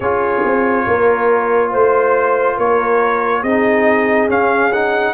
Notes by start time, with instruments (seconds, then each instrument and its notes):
0.00 tuba C#4, trombone F4, horn G#4, trumpet C#5
0.44 tuba C4
0.86 tuba A#3, horn A#4
1.70 tuba A3, horn C5, trumpet C5
2.57 tuba A#3, horn A#4, trumpet C#5
3.42 tuba C4, trombone D#4, horn G#4, trumpet D#5
4.29 trombone C#4, tuba C#4, trumpet F5
4.72 trombone D#4, trumpet F#5